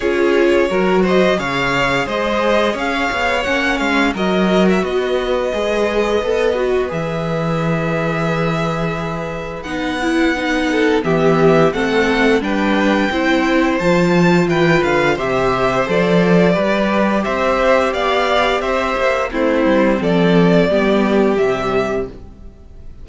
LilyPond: <<
  \new Staff \with { instrumentName = "violin" } { \time 4/4 \tempo 4 = 87 cis''4. dis''8 f''4 dis''4 | f''4 fis''8 f''8 dis''8. e''16 dis''4~ | dis''2 e''2~ | e''2 fis''2 |
e''4 fis''4 g''2 | a''4 g''8 f''8 e''4 d''4~ | d''4 e''4 f''4 e''4 | c''4 d''2 e''4 | }
  \new Staff \with { instrumentName = "violin" } { \time 4/4 gis'4 ais'8 c''8 cis''4 c''4 | cis''2 ais'4 b'4~ | b'1~ | b'2.~ b'8 a'8 |
g'4 a'4 b'4 c''4~ | c''4 b'4 c''2 | b'4 c''4 d''4 c''4 | e'4 a'4 g'2 | }
  \new Staff \with { instrumentName = "viola" } { \time 4/4 f'4 fis'4 gis'2~ | gis'4 cis'4 fis'2 | gis'4 a'8 fis'8 gis'2~ | gis'2 dis'8 e'8 dis'4 |
b4 c'4 d'4 e'4 | f'2 g'4 a'4 | g'1 | c'2 b4 g4 | }
  \new Staff \with { instrumentName = "cello" } { \time 4/4 cis'4 fis4 cis4 gis4 | cis'8 b8 ais8 gis8 fis4 b4 | gis4 b4 e2~ | e2 b2 |
e4 a4 g4 c'4 | f4 e8 d8 c4 f4 | g4 c'4 b4 c'8 ais8 | a8 g8 f4 g4 c4 | }
>>